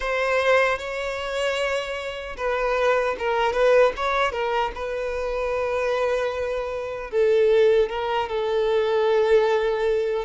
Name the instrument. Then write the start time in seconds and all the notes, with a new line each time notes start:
violin
0.00 C5
0.78 C#5
2.36 B4
3.18 A#4
3.52 B4
3.96 C#5
4.32 A#4
4.74 B4
7.11 A4
7.89 A#4
8.28 A4